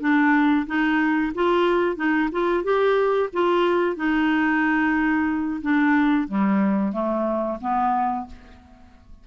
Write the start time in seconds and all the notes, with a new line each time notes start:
0.00 D4
0.67 D#4
1.34 F4
1.96 D#4
2.32 F4
2.63 G4
3.33 F4
3.96 D#4
5.61 D4
6.27 G3
6.92 A3
7.61 B3